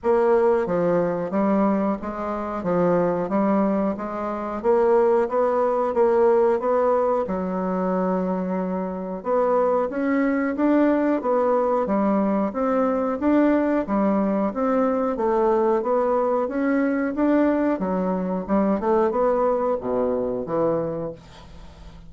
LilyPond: \new Staff \with { instrumentName = "bassoon" } { \time 4/4 \tempo 4 = 91 ais4 f4 g4 gis4 | f4 g4 gis4 ais4 | b4 ais4 b4 fis4~ | fis2 b4 cis'4 |
d'4 b4 g4 c'4 | d'4 g4 c'4 a4 | b4 cis'4 d'4 fis4 | g8 a8 b4 b,4 e4 | }